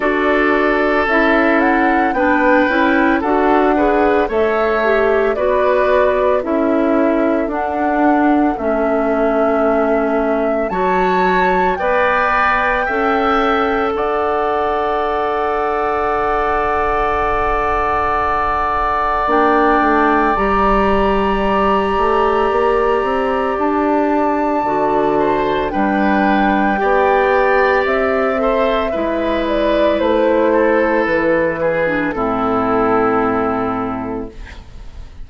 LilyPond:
<<
  \new Staff \with { instrumentName = "flute" } { \time 4/4 \tempo 4 = 56 d''4 e''8 fis''8 g''4 fis''4 | e''4 d''4 e''4 fis''4 | e''2 a''4 g''4~ | g''4 fis''2.~ |
fis''2 g''4 ais''4~ | ais''2 a''2 | g''2 e''4. d''8 | c''4 b'4 a'2 | }
  \new Staff \with { instrumentName = "oboe" } { \time 4/4 a'2 b'4 a'8 b'8 | cis''4 b'4 a'2~ | a'2 cis''4 d''4 | e''4 d''2.~ |
d''1~ | d''2.~ d''8 c''8 | b'4 d''4. c''8 b'4~ | b'8 a'4 gis'8 e'2 | }
  \new Staff \with { instrumentName = "clarinet" } { \time 4/4 fis'4 e'4 d'8 e'8 fis'8 gis'8 | a'8 g'8 fis'4 e'4 d'4 | cis'2 fis'4 b'4 | a'1~ |
a'2 d'4 g'4~ | g'2. fis'4 | d'4 g'4. a'8 e'4~ | e'4.~ e'16 d'16 c'2 | }
  \new Staff \with { instrumentName = "bassoon" } { \time 4/4 d'4 cis'4 b8 cis'8 d'4 | a4 b4 cis'4 d'4 | a2 fis4 b4 | cis'4 d'2.~ |
d'2 ais8 a8 g4~ | g8 a8 ais8 c'8 d'4 d4 | g4 b4 c'4 gis4 | a4 e4 a,2 | }
>>